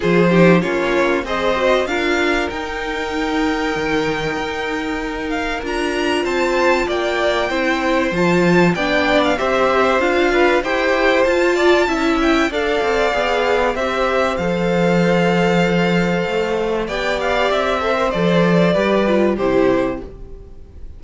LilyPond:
<<
  \new Staff \with { instrumentName = "violin" } { \time 4/4 \tempo 4 = 96 c''4 cis''4 dis''4 f''4 | g''1~ | g''8 f''8 ais''4 a''4 g''4~ | g''4 a''4 g''8. f''16 e''4 |
f''4 g''4 a''4. g''8 | f''2 e''4 f''4~ | f''2. g''8 f''8 | e''4 d''2 c''4 | }
  \new Staff \with { instrumentName = "violin" } { \time 4/4 gis'8 g'8 f'4 c''4 ais'4~ | ais'1~ | ais'2 c''4 d''4 | c''2 d''4 c''4~ |
c''8 b'8 c''4. d''8 e''4 | d''2 c''2~ | c''2. d''4~ | d''8 c''4. b'4 g'4 | }
  \new Staff \with { instrumentName = "viola" } { \time 4/4 f'8 dis'8 cis'4 gis'8 fis'8 f'4 | dis'1~ | dis'4 f'2. | e'4 f'4 d'4 g'4 |
f'4 g'4 f'4 e'4 | a'4 gis'4 g'4 a'4~ | a'2. g'4~ | g'8 a'16 ais'16 a'4 g'8 f'8 e'4 | }
  \new Staff \with { instrumentName = "cello" } { \time 4/4 f4 ais4 c'4 d'4 | dis'2 dis4 dis'4~ | dis'4 d'4 c'4 ais4 | c'4 f4 b4 c'4 |
d'4 e'4 f'4 cis'4 | d'8 c'8 b4 c'4 f4~ | f2 a4 b4 | c'4 f4 g4 c4 | }
>>